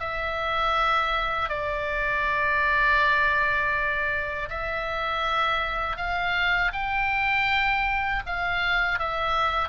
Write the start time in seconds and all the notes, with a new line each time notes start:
0.00 E5
1.49 D5
4.50 E5
5.97 F5
6.73 G5
8.27 F5
8.99 E5